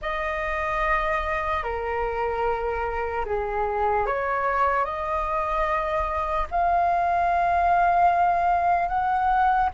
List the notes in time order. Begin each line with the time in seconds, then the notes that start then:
0.01 D#5
1.63 A#4
3.25 G#4
4.06 C#5
4.84 D#5
6.50 F5
8.88 F#5